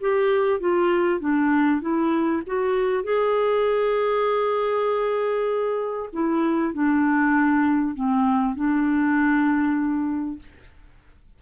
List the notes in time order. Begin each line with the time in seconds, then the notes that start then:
0.00 G4
0.60 F4
1.20 D4
1.81 E4
2.46 F#4
3.03 G#4
6.13 E4
6.73 D4
7.95 C4
8.55 D4